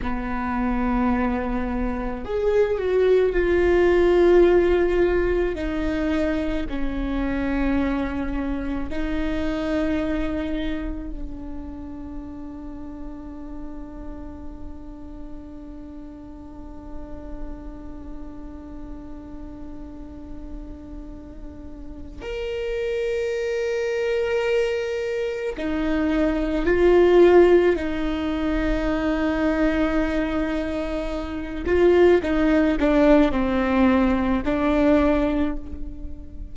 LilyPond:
\new Staff \with { instrumentName = "viola" } { \time 4/4 \tempo 4 = 54 b2 gis'8 fis'8 f'4~ | f'4 dis'4 cis'2 | dis'2 d'2~ | d'1~ |
d'1 | ais'2. dis'4 | f'4 dis'2.~ | dis'8 f'8 dis'8 d'8 c'4 d'4 | }